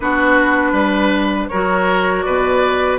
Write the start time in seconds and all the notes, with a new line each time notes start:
0.00 B3 D4 F#4 B4
0.72 G3 B4
1.49 F#3 F#4 A#4 C#5
2.21 B2 B4 D5